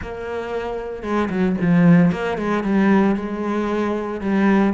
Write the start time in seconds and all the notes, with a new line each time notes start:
0.01 A#3
1.03 G#3
1.29 F#3
1.61 F3
2.11 A#3
2.37 G#3
2.63 G3
3.15 G#3
4.21 G3